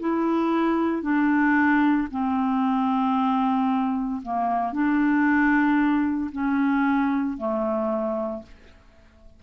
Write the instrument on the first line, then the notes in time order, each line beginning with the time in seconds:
clarinet
0.00 E4
1.02 D4
2.11 C4
4.22 A#3
4.73 D4
6.32 C#4
7.38 A3